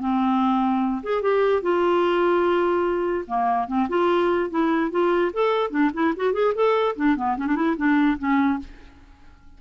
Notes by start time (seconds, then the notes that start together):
0.00 C4
1.03 G#4
1.22 G4
1.62 F4
3.27 A#3
3.68 C4
3.88 F4
4.50 E4
4.91 F4
5.33 A4
5.70 D4
5.94 E4
6.16 F#4
6.33 G#4
6.55 A4
6.96 D4
7.16 B3
7.37 C#4
7.47 D4
7.55 E4
7.77 D4
8.18 C#4